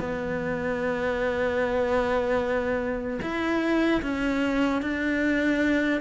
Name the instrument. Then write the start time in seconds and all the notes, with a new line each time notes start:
cello
0.00 B3
3.22 E4
4.03 C#4
4.82 D4